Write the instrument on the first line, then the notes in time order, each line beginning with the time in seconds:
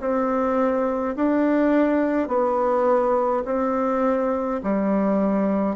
bassoon
0.00 C4
1.16 D4
2.28 B3
3.46 C4
4.64 G3